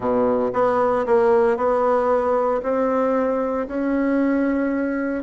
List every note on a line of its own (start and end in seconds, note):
0.00 0.51 B2
0.53 1.05 B3
1.06 1.57 A#3
1.57 2.61 B3
2.63 3.67 C4
3.67 5.23 C#4